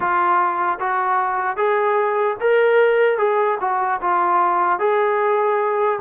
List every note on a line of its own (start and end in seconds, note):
0.00 0.79 F4
0.79 1.56 F#4
1.56 2.36 G#4
2.40 3.17 A#4
3.17 3.57 G#4
3.60 4.00 F#4
4.01 4.79 F4
4.79 5.99 G#4